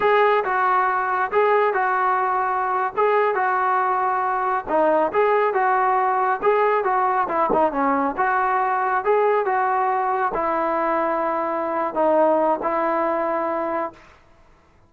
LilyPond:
\new Staff \with { instrumentName = "trombone" } { \time 4/4 \tempo 4 = 138 gis'4 fis'2 gis'4 | fis'2~ fis'8. gis'4 fis'16~ | fis'2~ fis'8. dis'4 gis'16~ | gis'8. fis'2 gis'4 fis'16~ |
fis'8. e'8 dis'8 cis'4 fis'4~ fis'16~ | fis'8. gis'4 fis'2 e'16~ | e'2.~ e'8 dis'8~ | dis'4 e'2. | }